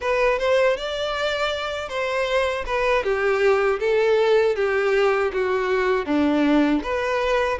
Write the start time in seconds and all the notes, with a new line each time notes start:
0.00 B4
0.38 C5
0.77 D5
1.88 C5
2.66 B4
3.03 G4
3.79 A4
4.55 G4
5.33 F#4
6.06 D4
6.82 B4